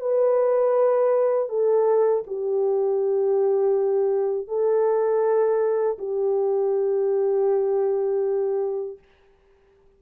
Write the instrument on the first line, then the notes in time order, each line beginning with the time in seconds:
horn
0.00 B4
1.49 A4
2.27 G4
4.47 A4
5.99 G4